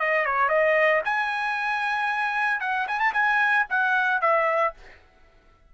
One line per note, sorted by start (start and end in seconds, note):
0.00 0.26 D#5
0.26 0.49 C#5
0.49 1.02 D#5
1.05 2.61 G#5
2.61 2.87 F#5
2.88 3.00 G#5
3.00 3.13 A5
3.14 3.66 G#5
3.70 4.22 F#5
4.22 4.74 E5